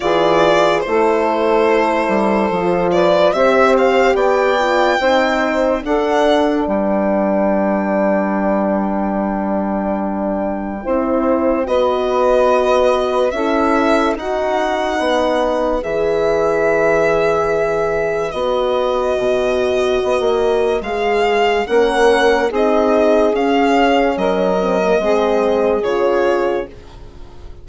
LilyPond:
<<
  \new Staff \with { instrumentName = "violin" } { \time 4/4 \tempo 4 = 72 d''4 c''2~ c''8 d''8 | e''8 f''8 g''2 fis''4 | g''1~ | g''2 dis''2 |
e''4 fis''2 e''4~ | e''2 dis''2~ | dis''4 f''4 fis''4 dis''4 | f''4 dis''2 cis''4 | }
  \new Staff \with { instrumentName = "saxophone" } { \time 4/4 gis'4 a'2~ a'8 b'8 | c''4 d''4 c''4 a'4 | b'1~ | b'4 c''4 b'2 |
a'4 fis'4 b'2~ | b'1~ | b'2 ais'4 gis'4~ | gis'4 ais'4 gis'2 | }
  \new Staff \with { instrumentName = "horn" } { \time 4/4 f'4 e'2 f'4 | g'4. f'8 dis'4 d'4~ | d'1~ | d'4 e'4 fis'2 |
e'4 dis'2 gis'4~ | gis'2 fis'2~ | fis'4 gis'4 cis'4 dis'4 | cis'4. c'16 ais16 c'4 f'4 | }
  \new Staff \with { instrumentName = "bassoon" } { \time 4/4 e4 a4. g8 f4 | c'4 b4 c'4 d'4 | g1~ | g4 c'4 b2 |
cis'4 dis'4 b4 e4~ | e2 b4 b,4 | b16 ais8. gis4 ais4 c'4 | cis'4 fis4 gis4 cis4 | }
>>